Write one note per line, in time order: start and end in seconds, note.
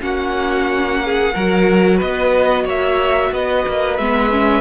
0.00 1.33 A#3
0.00 1.32 C#4
0.00 1.01 F#4
0.00 1.99 F#5
1.04 1.34 G#4
1.34 2.02 F#3
1.34 4.01 F#4
1.34 1.97 A#4
1.97 2.65 B3
1.97 2.63 B4
1.97 2.67 D#5
2.64 3.31 A#3
2.64 3.30 C#5
2.64 3.34 E5
3.32 3.65 B3
3.32 4.61 B4
3.32 3.97 D#5
3.68 3.98 A#3
3.97 4.61 G#3
3.97 4.30 B3
3.97 4.61 E5
4.30 4.61 C#4